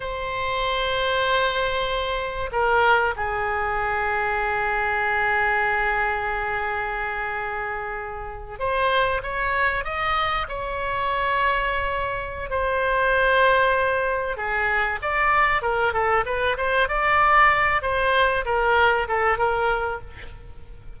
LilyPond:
\new Staff \with { instrumentName = "oboe" } { \time 4/4 \tempo 4 = 96 c''1 | ais'4 gis'2.~ | gis'1~ | gis'4.~ gis'16 c''4 cis''4 dis''16~ |
dis''8. cis''2.~ cis''16 | c''2. gis'4 | d''4 ais'8 a'8 b'8 c''8 d''4~ | d''8 c''4 ais'4 a'8 ais'4 | }